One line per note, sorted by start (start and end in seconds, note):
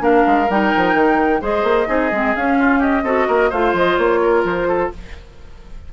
0.00 0.24 A#3
0.00 0.47 D4
0.00 1.42 A#4
0.00 0.50 F5
0.27 0.50 G#3
0.50 0.73 G3
0.50 1.42 D#4
0.50 1.43 G5
0.77 0.94 F3
0.94 1.41 D#3
1.42 1.63 G#3
1.42 1.87 G#4
1.42 1.88 C5
1.42 2.36 D#5
1.63 1.87 A#3
1.87 2.12 C4
1.87 2.10 D#4
1.87 2.58 G#4
2.12 2.35 G#3
2.12 2.36 C4
2.36 3.04 C#4
2.36 3.05 C#4
2.36 2.82 F5
2.59 2.79 F4
2.79 3.02 G4
2.79 3.52 D#5
3.04 3.27 C4
3.04 3.52 F#4
3.04 3.28 A4
3.28 3.52 A#3
3.28 3.50 A#4
3.50 3.73 A3
3.50 4.93 F4
3.50 4.20 C5
3.50 3.75 F5
3.73 3.97 F3
3.73 3.97 D#5
3.97 4.44 A#3
3.97 4.44 C#5
4.23 4.68 A#4
4.44 4.91 F3
4.44 4.92 C5
4.68 4.91 A4